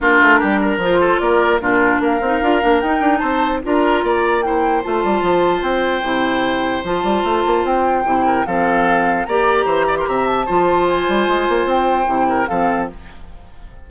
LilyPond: <<
  \new Staff \with { instrumentName = "flute" } { \time 4/4 \tempo 4 = 149 ais'2 c''4 d''4 | ais'4 f''2 g''4 | a''4 ais''2 g''4 | a''2 g''2~ |
g''4 a''2 g''4~ | g''4 f''2 ais''4~ | ais''8. c'''16 ais''8 a''4. gis''4~ | gis''4 g''2 f''4 | }
  \new Staff \with { instrumentName = "oboe" } { \time 4/4 f'4 g'8 ais'4 a'8 ais'4 | f'4 ais'2. | c''4 ais'4 d''4 c''4~ | c''1~ |
c''1~ | c''8 ais'8 a'2 d''4 | c''8 d''16 ais'16 e''4 c''2~ | c''2~ c''8 ais'8 a'4 | }
  \new Staff \with { instrumentName = "clarinet" } { \time 4/4 d'2 f'2 | d'4. dis'8 f'8 d'8 dis'4~ | dis'4 f'2 e'4 | f'2. e'4~ |
e'4 f'2. | e'4 c'2 g'4~ | g'2 f'2~ | f'2 e'4 c'4 | }
  \new Staff \with { instrumentName = "bassoon" } { \time 4/4 ais8 a8 g4 f4 ais4 | ais,4 ais8 c'8 d'8 ais8 dis'8 d'8 | c'4 d'4 ais2 | a8 g8 f4 c'4 c4~ |
c4 f8 g8 a8 ais8 c'4 | c4 f2 ais4 | e4 c4 f4. g8 | gis8 ais8 c'4 c4 f4 | }
>>